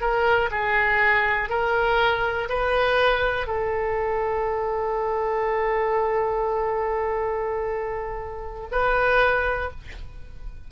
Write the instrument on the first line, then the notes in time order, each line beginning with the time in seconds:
oboe
0.00 A#4
0.51 G#4
1.49 A#4
2.49 B4
3.47 A4
8.71 B4